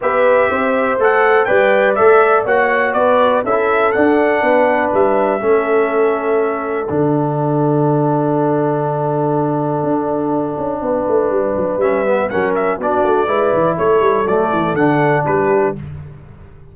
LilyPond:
<<
  \new Staff \with { instrumentName = "trumpet" } { \time 4/4 \tempo 4 = 122 e''2 fis''4 g''4 | e''4 fis''4 d''4 e''4 | fis''2 e''2~ | e''2 fis''2~ |
fis''1~ | fis''1 | e''4 fis''8 e''8 d''2 | cis''4 d''4 fis''4 b'4 | }
  \new Staff \with { instrumentName = "horn" } { \time 4/4 b'4 c''2 d''4~ | d''4 cis''4 b'4 a'4~ | a'4 b'2 a'4~ | a'1~ |
a'1~ | a'2 b'2~ | b'4 ais'4 fis'4 b'4 | a'2. g'4 | }
  \new Staff \with { instrumentName = "trombone" } { \time 4/4 g'2 a'4 b'4 | a'4 fis'2 e'4 | d'2. cis'4~ | cis'2 d'2~ |
d'1~ | d'1 | cis'8 b8 cis'4 d'4 e'4~ | e'4 a4 d'2 | }
  \new Staff \with { instrumentName = "tuba" } { \time 4/4 b4 c'4 a4 g4 | a4 ais4 b4 cis'4 | d'4 b4 g4 a4~ | a2 d2~ |
d1 | d'4. cis'8 b8 a8 g8 fis8 | g4 fis4 b8 a8 gis8 e8 | a8 g8 fis8 e8 d4 g4 | }
>>